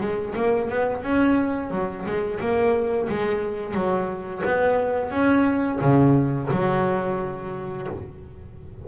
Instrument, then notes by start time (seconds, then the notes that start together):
double bass
0.00 G#3
0.35 A#3
0.69 B3
1.02 C#4
1.70 F#3
2.05 G#3
2.40 A#3
3.09 G#3
3.74 F#3
4.45 B3
5.10 C#4
5.80 C#3
6.51 F#3